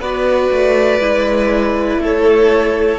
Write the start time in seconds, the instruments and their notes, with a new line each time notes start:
0.00 cello B3, viola F#4, violin B4 D5
0.51 cello A3
1.00 cello G#3, viola E4
1.97 cello A3, violin A4
2.04 violin C#5